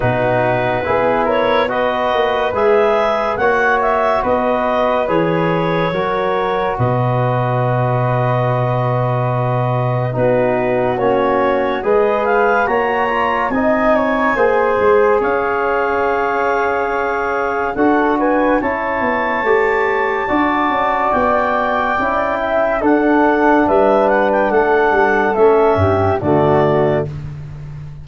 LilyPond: <<
  \new Staff \with { instrumentName = "clarinet" } { \time 4/4 \tempo 4 = 71 b'4. cis''8 dis''4 e''4 | fis''8 e''8 dis''4 cis''2 | dis''1 | b'4 cis''4 dis''8 f''8 ais''4 |
gis''2 f''2~ | f''4 fis''8 gis''8 a''2~ | a''4 g''2 fis''4 | e''8 fis''16 g''16 fis''4 e''4 d''4 | }
  \new Staff \with { instrumentName = "flute" } { \time 4/4 fis'4 gis'8 ais'8 b'2 | cis''4 b'2 ais'4 | b'1 | fis'2 b'4 cis''4 |
dis''8 cis''8 c''4 cis''2~ | cis''4 a'8 b'8 cis''2 | d''2~ d''8 e''8 a'4 | b'4 a'4. g'8 fis'4 | }
  \new Staff \with { instrumentName = "trombone" } { \time 4/4 dis'4 e'4 fis'4 gis'4 | fis'2 gis'4 fis'4~ | fis'1 | dis'4 cis'4 gis'4 fis'8 f'8 |
dis'4 gis'2.~ | gis'4 fis'4 e'4 g'4 | fis'2 e'4 d'4~ | d'2 cis'4 a4 | }
  \new Staff \with { instrumentName = "tuba" } { \time 4/4 b,4 b4. ais8 gis4 | ais4 b4 e4 fis4 | b,1 | b4 ais4 gis4 ais4 |
c'4 ais8 gis8 cis'2~ | cis'4 d'4 cis'8 b8 a4 | d'8 cis'8 b4 cis'4 d'4 | g4 a8 g8 a8 g,8 d4 | }
>>